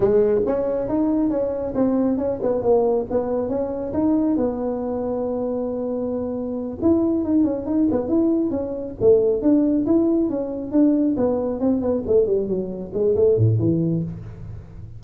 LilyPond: \new Staff \with { instrumentName = "tuba" } { \time 4/4 \tempo 4 = 137 gis4 cis'4 dis'4 cis'4 | c'4 cis'8 b8 ais4 b4 | cis'4 dis'4 b2~ | b2.~ b8 e'8~ |
e'8 dis'8 cis'8 dis'8 b8 e'4 cis'8~ | cis'8 a4 d'4 e'4 cis'8~ | cis'8 d'4 b4 c'8 b8 a8 | g8 fis4 gis8 a8 a,8 e4 | }